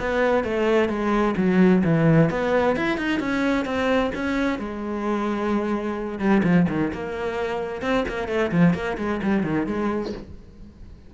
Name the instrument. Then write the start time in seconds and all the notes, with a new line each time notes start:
cello
0.00 B3
0.44 A3
0.89 G#3
1.37 F#3
1.84 E3
2.30 B3
2.77 E4
2.98 D#4
3.20 C#4
3.65 C4
4.15 C#4
4.59 G#3
6.19 G3
6.44 F3
6.69 D#3
6.94 A#3
7.82 C4
8.09 A#3
8.28 A3
8.52 F3
8.75 A#3
8.98 G#3
9.23 G3
9.43 D#3
9.67 G#3